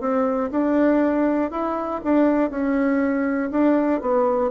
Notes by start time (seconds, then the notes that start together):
0.00 C4
0.51 D4
1.51 E4
2.04 D4
2.50 C#4
3.51 D4
4.01 B3